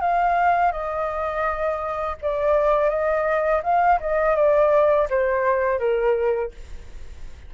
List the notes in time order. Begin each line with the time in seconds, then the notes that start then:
0.00 F5
0.71 D#5
2.21 D5
2.89 D#5
3.63 F5
4.00 D#5
4.35 D5
5.09 C5
5.79 A#4